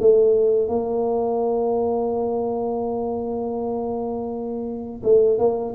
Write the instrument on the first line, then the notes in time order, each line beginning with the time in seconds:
tuba
0.00 A3
0.68 A#3
5.03 A3
5.38 A#3